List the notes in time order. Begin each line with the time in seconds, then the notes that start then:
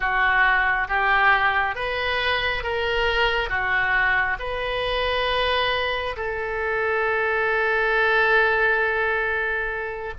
0.00 F#4
0.87 G4
1.74 B4
2.63 A#4
3.49 F#4
4.39 B4
6.16 A4